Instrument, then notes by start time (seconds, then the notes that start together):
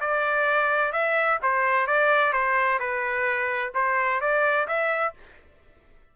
trumpet
0.00 D5
0.92 E5
1.42 C5
1.86 D5
2.33 C5
2.79 B4
3.74 C5
4.21 D5
4.67 E5